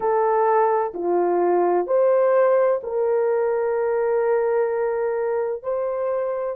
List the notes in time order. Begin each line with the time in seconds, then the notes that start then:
0.00 A4
0.94 F4
1.87 C5
2.83 A#4
5.62 C5